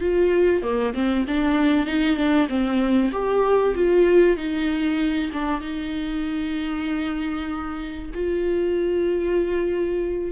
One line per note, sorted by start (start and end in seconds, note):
0.00 0.62 F4
0.62 0.93 A#3
0.93 1.25 C4
1.27 1.86 D4
1.86 2.16 D#4
2.16 2.47 D4
2.48 3.11 C4
3.12 3.74 G4
3.74 4.37 F4
4.37 5.30 D#4
5.32 5.61 D4
5.61 8.11 D#4
8.14 10.31 F4